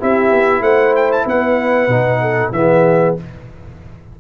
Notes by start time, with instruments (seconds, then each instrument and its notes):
0.00 tuba C4, trombone E4, horn G4, trumpet E5
0.31 tuba B3
0.61 tuba A3, horn C5, trumpet F#5
0.96 trumpet G5
1.12 trumpet A5
1.26 tuba B3, horn B4, trumpet F#5
1.88 tuba B2, trombone D#4
2.21 horn A4
2.52 tuba E3, trombone B3, horn G#4, trumpet E5